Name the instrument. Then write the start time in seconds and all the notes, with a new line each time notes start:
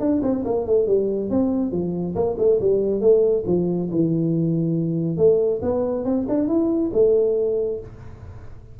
tuba
0.00 D4
0.23 C4
0.45 A#3
0.67 A3
0.87 G3
1.30 C4
1.72 F3
2.15 A#3
2.38 A3
2.61 G3
3.01 A3
3.46 F3
3.91 E3
5.17 A3
5.62 B3
6.05 C4
6.29 D4
6.48 E4
6.93 A3